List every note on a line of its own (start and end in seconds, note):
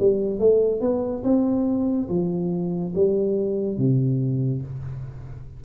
0.00 0.40 G3
0.40 0.81 A3
0.81 1.23 B3
1.24 2.09 C4
2.09 2.94 F3
2.95 3.78 G3
3.78 4.62 C3